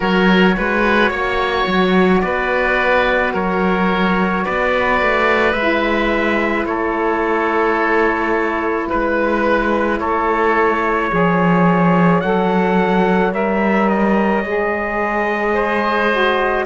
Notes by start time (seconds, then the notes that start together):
0.00 F#3 F#4 A#4 C#5
0.57 G#3 B4
1.10 A#3 C#5
1.66 F#3
2.21 B3 B4 D5
3.33 F#3 A#4 C#5
4.45 B3 B4 D5
5.01 A3
5.52 G#3 E4 E5
6.65 A3 A4 C#5
8.88 G#3 B4
9.99 A3 A4 C#5
11.09 F3 G#4 C#5
12.20 F#3 A4 F#5
13.32 G3 A#4 E5
13.89 D#5
14.43 G#3 G#4
15.54 C5
16.11 F#4